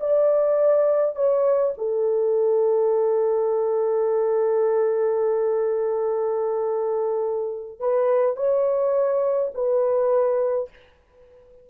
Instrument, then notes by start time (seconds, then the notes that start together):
horn
0.00 D5
1.15 C#5
1.78 A4
7.80 B4
8.36 C#5
9.55 B4